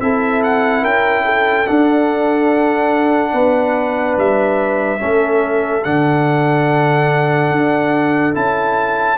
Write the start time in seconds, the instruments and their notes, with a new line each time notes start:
0.00 tuba C4, trombone E4, horn A4, trumpet E5
0.43 trumpet F#5
0.82 tuba C#4, horn A#4, trumpet G5
1.26 horn A4
1.68 trombone D4, tuba D4, trumpet F#5
3.33 tuba B3, horn B4
4.17 tuba G3, trumpet E5
4.99 tuba A3, trombone C#4, horn A4
5.84 tuba D3, trombone D4, trumpet F#5
7.52 tuba D4
8.34 tuba C#4, trombone E4, trumpet A5